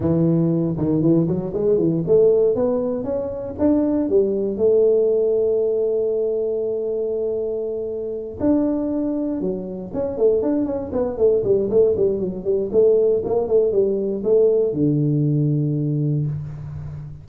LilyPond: \new Staff \with { instrumentName = "tuba" } { \time 4/4 \tempo 4 = 118 e4. dis8 e8 fis8 gis8 e8 | a4 b4 cis'4 d'4 | g4 a2.~ | a1~ |
a8 d'2 fis4 cis'8 | a8 d'8 cis'8 b8 a8 g8 a8 g8 | fis8 g8 a4 ais8 a8 g4 | a4 d2. | }